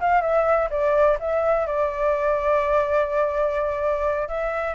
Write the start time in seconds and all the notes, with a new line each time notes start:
0.00 F5
0.21 E5
0.70 D5
1.19 E5
1.66 D5
4.28 E5